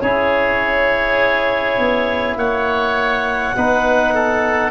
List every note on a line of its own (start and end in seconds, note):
0.00 1.78 C#4
0.00 3.56 E4
0.00 2.38 G#4
0.00 2.35 C#5
1.78 2.36 B3
2.36 3.54 A#3
2.36 3.56 C#5
2.36 4.71 F#5
3.56 4.71 B3
3.56 4.71 D#4
3.56 4.14 B4
4.14 4.71 A4